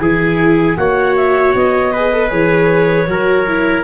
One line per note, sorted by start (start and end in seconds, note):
0.00 0.77 E3
0.00 0.78 E4
0.00 0.79 G#4
0.00 0.77 G#5
0.77 1.54 A#3
0.77 1.93 F#4
0.77 1.93 C#5
0.77 1.16 F#5
1.16 1.55 E5
1.55 2.32 B3
1.55 2.30 D#5
1.93 2.12 G#4
1.93 3.08 B4
2.12 2.29 A4
2.29 3.08 E3
2.29 3.06 G#4
2.29 3.84 C#5
3.08 3.84 F#3
3.08 3.46 F#4
3.08 3.84 A#4
3.47 3.84 E4